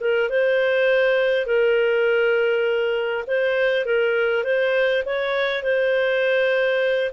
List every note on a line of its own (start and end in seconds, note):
0.00 0.29 A#4
0.29 1.46 C5
1.46 3.24 A#4
3.27 3.85 C5
3.85 4.44 A#4
4.44 5.03 C5
5.05 5.63 C#5
5.63 7.11 C5